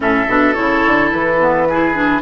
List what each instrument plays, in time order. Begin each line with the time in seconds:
0.00 bassoon A2, clarinet C#4, oboe A4, flute E5
0.27 bassoon B2, clarinet D4
0.53 bassoon C#3, clarinet E4, flute C#5
0.85 bassoon D3
1.11 bassoon E3, flute B4
1.39 clarinet B3
1.69 clarinet E4, oboe G#4
1.94 clarinet D4